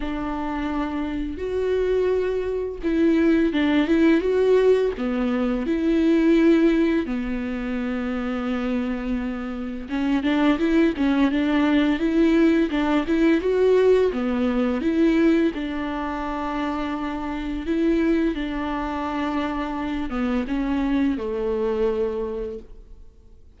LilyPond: \new Staff \with { instrumentName = "viola" } { \time 4/4 \tempo 4 = 85 d'2 fis'2 | e'4 d'8 e'8 fis'4 b4 | e'2 b2~ | b2 cis'8 d'8 e'8 cis'8 |
d'4 e'4 d'8 e'8 fis'4 | b4 e'4 d'2~ | d'4 e'4 d'2~ | d'8 b8 cis'4 a2 | }